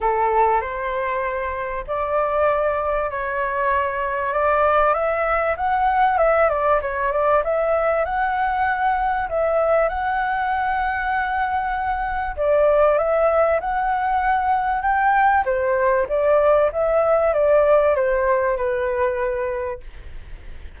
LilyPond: \new Staff \with { instrumentName = "flute" } { \time 4/4 \tempo 4 = 97 a'4 c''2 d''4~ | d''4 cis''2 d''4 | e''4 fis''4 e''8 d''8 cis''8 d''8 | e''4 fis''2 e''4 |
fis''1 | d''4 e''4 fis''2 | g''4 c''4 d''4 e''4 | d''4 c''4 b'2 | }